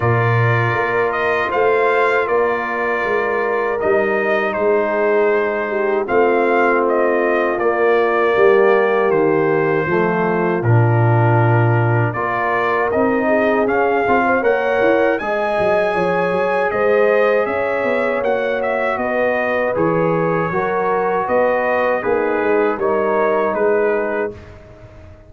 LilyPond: <<
  \new Staff \with { instrumentName = "trumpet" } { \time 4/4 \tempo 4 = 79 d''4. dis''8 f''4 d''4~ | d''4 dis''4 c''2 | f''4 dis''4 d''2 | c''2 ais'2 |
d''4 dis''4 f''4 fis''4 | gis''2 dis''4 e''4 | fis''8 e''8 dis''4 cis''2 | dis''4 b'4 cis''4 b'4 | }
  \new Staff \with { instrumentName = "horn" } { \time 4/4 ais'2 c''4 ais'4~ | ais'2 gis'4. g'8 | f'2. g'4~ | g'4 f'2. |
ais'4. gis'4~ gis'16 c''16 cis''4 | dis''4 cis''4 c''4 cis''4~ | cis''4 b'2 ais'4 | b'4 dis'4 ais'4 gis'4 | }
  \new Staff \with { instrumentName = "trombone" } { \time 4/4 f'1~ | f'4 dis'2. | c'2 ais2~ | ais4 a4 d'2 |
f'4 dis'4 cis'8 f'8 ais'4 | gis'1 | fis'2 gis'4 fis'4~ | fis'4 gis'4 dis'2 | }
  \new Staff \with { instrumentName = "tuba" } { \time 4/4 ais,4 ais4 a4 ais4 | gis4 g4 gis2 | a2 ais4 g4 | dis4 f4 ais,2 |
ais4 c'4 cis'8 c'8 ais8 e'8 | gis8 fis8 f8 fis8 gis4 cis'8 b8 | ais4 b4 e4 fis4 | b4 ais8 gis8 g4 gis4 | }
>>